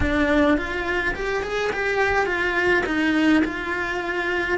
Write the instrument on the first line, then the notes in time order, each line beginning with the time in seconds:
cello
0.00 D4
0.57 F4
1.15 G4
1.42 G#4
1.72 G4
2.25 F4
2.86 D#4
3.44 F4